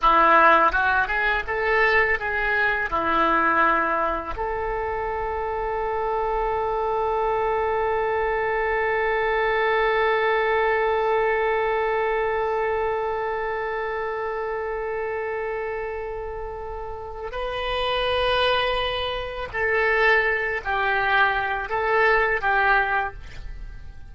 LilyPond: \new Staff \with { instrumentName = "oboe" } { \time 4/4 \tempo 4 = 83 e'4 fis'8 gis'8 a'4 gis'4 | e'2 a'2~ | a'1~ | a'1~ |
a'1~ | a'1 | b'2. a'4~ | a'8 g'4. a'4 g'4 | }